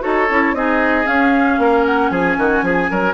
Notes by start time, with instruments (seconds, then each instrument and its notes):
0.00 bassoon D#4, clarinet F#4, oboe A4, flute C#5
0.30 bassoon C#4, clarinet E4
0.53 bassoon C4, clarinet D#4, oboe G#4, flute D#5
1.04 clarinet C#4, bassoon C#4, flute F5
1.57 bassoon A#3, oboe A#4
1.85 flute F#5
2.10 bassoon F3, oboe G#4, flute G#5
2.37 bassoon D#3, oboe F#4
2.62 bassoon F3, oboe G#4
2.90 bassoon F#3, oboe A#4